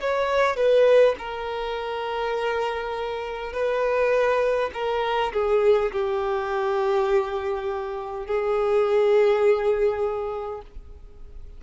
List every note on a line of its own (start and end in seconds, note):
0.00 0.56 C#5
0.56 1.15 B4
1.18 3.52 A#4
3.52 4.70 B4
4.73 5.32 A#4
5.33 5.91 G#4
5.92 8.26 G4
8.26 10.61 G#4